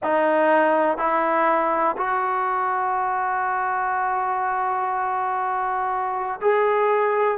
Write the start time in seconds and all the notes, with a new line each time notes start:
0.03 D#4
0.97 E4
1.97 F#4
6.41 G#4